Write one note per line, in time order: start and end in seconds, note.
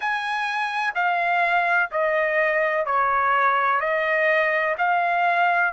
0.00 0.93 G#5
0.94 1.90 F5
1.90 2.85 D#5
2.85 3.80 C#5
3.80 4.75 D#5
4.77 5.73 F5